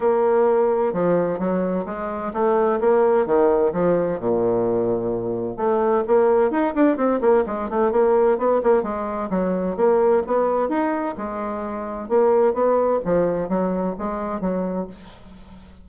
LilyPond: \new Staff \with { instrumentName = "bassoon" } { \time 4/4 \tempo 4 = 129 ais2 f4 fis4 | gis4 a4 ais4 dis4 | f4 ais,2. | a4 ais4 dis'8 d'8 c'8 ais8 |
gis8 a8 ais4 b8 ais8 gis4 | fis4 ais4 b4 dis'4 | gis2 ais4 b4 | f4 fis4 gis4 fis4 | }